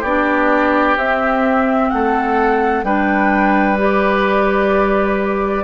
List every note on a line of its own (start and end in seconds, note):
0.00 0.96 B3
0.00 0.98 D4
0.00 1.88 G4
0.00 0.97 D5
0.96 1.90 C4
0.96 2.85 C4
0.96 1.89 E5
1.89 2.83 A3
1.89 2.85 A4
1.89 2.83 F#5
2.83 5.64 G3
2.83 3.77 D4
2.83 5.64 B4
2.83 3.78 G5
3.77 5.64 G4
3.77 5.64 D5